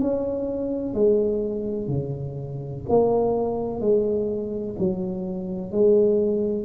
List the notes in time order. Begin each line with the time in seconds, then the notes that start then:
0.00 C#4
0.94 G#3
1.88 C#3
2.89 A#3
3.81 G#3
4.79 F#3
5.71 G#3